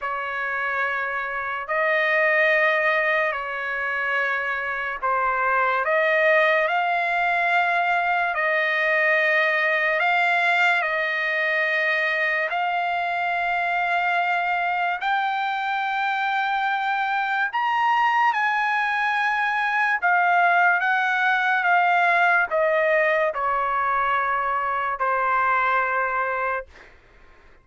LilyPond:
\new Staff \with { instrumentName = "trumpet" } { \time 4/4 \tempo 4 = 72 cis''2 dis''2 | cis''2 c''4 dis''4 | f''2 dis''2 | f''4 dis''2 f''4~ |
f''2 g''2~ | g''4 ais''4 gis''2 | f''4 fis''4 f''4 dis''4 | cis''2 c''2 | }